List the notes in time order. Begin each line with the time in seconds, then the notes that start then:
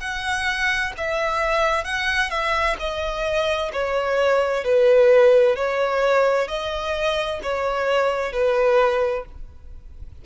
0.00 F#5
0.97 E5
1.84 F#5
2.30 E5
2.79 D#5
3.73 C#5
4.64 B4
5.56 C#5
6.48 D#5
7.43 C#5
8.33 B4